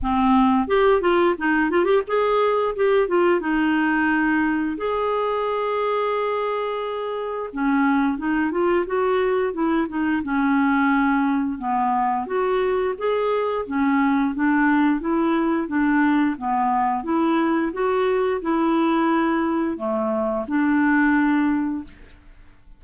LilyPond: \new Staff \with { instrumentName = "clarinet" } { \time 4/4 \tempo 4 = 88 c'4 g'8 f'8 dis'8 f'16 g'16 gis'4 | g'8 f'8 dis'2 gis'4~ | gis'2. cis'4 | dis'8 f'8 fis'4 e'8 dis'8 cis'4~ |
cis'4 b4 fis'4 gis'4 | cis'4 d'4 e'4 d'4 | b4 e'4 fis'4 e'4~ | e'4 a4 d'2 | }